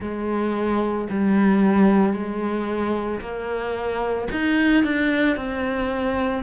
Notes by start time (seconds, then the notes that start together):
0.00 G#3
1.09 G3
2.13 G#3
3.20 A#3
4.31 D#4
4.84 D4
5.36 C4